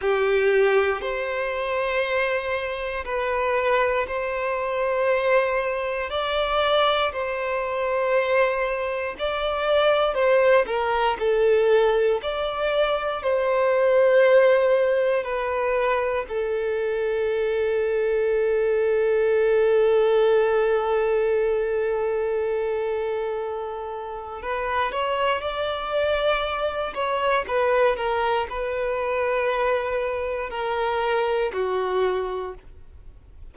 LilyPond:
\new Staff \with { instrumentName = "violin" } { \time 4/4 \tempo 4 = 59 g'4 c''2 b'4 | c''2 d''4 c''4~ | c''4 d''4 c''8 ais'8 a'4 | d''4 c''2 b'4 |
a'1~ | a'1 | b'8 cis''8 d''4. cis''8 b'8 ais'8 | b'2 ais'4 fis'4 | }